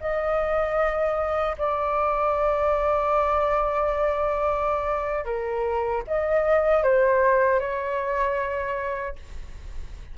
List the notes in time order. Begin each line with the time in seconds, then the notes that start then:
0.00 D#5
1.58 D5
5.25 A#4
6.07 D#5
6.83 C5
7.59 C#5